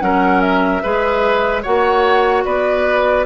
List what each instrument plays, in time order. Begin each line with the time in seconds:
0.00 bassoon F#3, clarinet C#4, oboe A#4, flute F#5
0.41 flute E5
0.82 bassoon G#3, clarinet G#4, oboe B4
1.62 bassoon A#3, clarinet F#4, oboe C#5, flute F#5
2.44 bassoon B3, oboe B4, flute D5